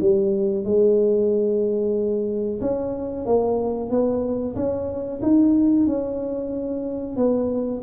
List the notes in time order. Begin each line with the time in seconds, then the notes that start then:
0.00 G3
0.64 G#3
2.61 C#4
3.25 A#3
3.90 B3
4.55 C#4
5.21 D#4
5.86 C#4
7.16 B3